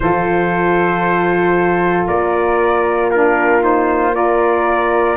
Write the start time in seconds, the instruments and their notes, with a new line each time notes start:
0.00 tuba F3, saxophone F4, flute A4, trumpet C5
2.06 tuba A#3, flute A#4, trumpet D5
3.10 saxophone D4, flute F4, trumpet A#4
3.61 saxophone D#4, trumpet C5
4.11 saxophone F4, flute A#4, trumpet D5